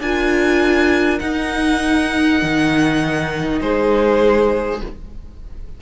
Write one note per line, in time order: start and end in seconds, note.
0.00 1.20 D4
0.00 1.20 F4
0.00 3.61 A#4
0.00 1.19 G#5
1.19 4.80 D#4
1.19 2.42 D#4
1.19 3.59 F#5
2.42 3.61 D#3
3.60 4.81 G#3
3.60 4.81 G#4
3.60 4.80 C5